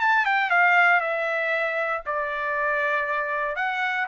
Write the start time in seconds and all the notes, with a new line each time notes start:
0.00 A5
0.25 G5
0.50 F5
1.01 E5
2.06 D5
3.56 F#5